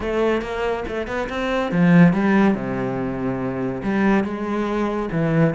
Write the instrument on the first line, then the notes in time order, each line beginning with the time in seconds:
cello
0.00 A3
0.41 A#3
0.87 A3
1.07 B3
1.29 C4
1.71 F3
2.13 G3
2.54 C3
3.83 G3
4.24 G#3
5.11 E3